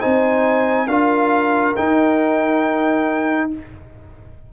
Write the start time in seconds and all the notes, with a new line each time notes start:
0.00 C4 D#4 C5 G#5
0.88 D4 F4 A#4 F5
1.76 D#4 G5